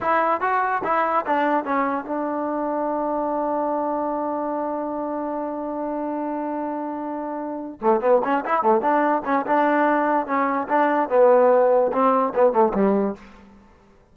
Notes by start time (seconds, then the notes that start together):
0.01 E4
0.40 F#4
0.84 E4
1.26 D4
1.64 C#4
2.04 D4
7.81 A3
8.01 B3
8.23 C#4
8.45 E4
8.62 A3
8.81 D4
9.24 C#4
9.46 D4
10.26 C#4
10.68 D4
11.09 B3
11.92 C4
12.34 B3
12.52 A3
12.74 G3